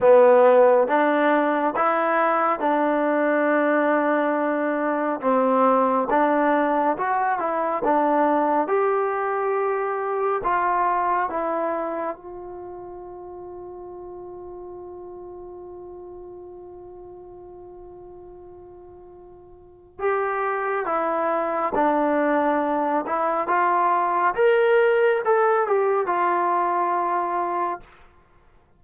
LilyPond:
\new Staff \with { instrumentName = "trombone" } { \time 4/4 \tempo 4 = 69 b4 d'4 e'4 d'4~ | d'2 c'4 d'4 | fis'8 e'8 d'4 g'2 | f'4 e'4 f'2~ |
f'1~ | f'2. g'4 | e'4 d'4. e'8 f'4 | ais'4 a'8 g'8 f'2 | }